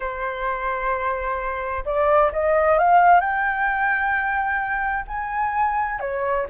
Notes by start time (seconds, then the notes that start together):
0.00 C5
1.85 D5
2.32 D#5
2.78 F5
3.20 G5
5.07 G#5
6.00 C#5